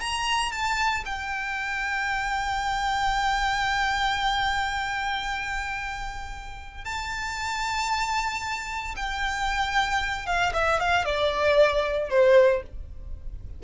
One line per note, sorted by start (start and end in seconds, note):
0.00 0.51 A#5
0.51 1.04 A5
1.05 6.84 G5
6.84 8.95 A5
8.96 10.26 G5
10.26 10.52 F5
10.53 10.79 E5
10.79 11.05 F5
11.05 12.10 D5
12.10 12.62 C5